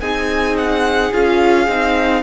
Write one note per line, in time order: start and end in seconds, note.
0.00 1.12 C4
0.00 1.12 D#4
0.00 2.22 G#4
0.00 0.56 G#5
0.58 1.13 F#5
1.12 1.67 C#4
1.12 1.68 F4
1.12 2.23 F5
1.67 2.23 C4
1.67 2.23 D#4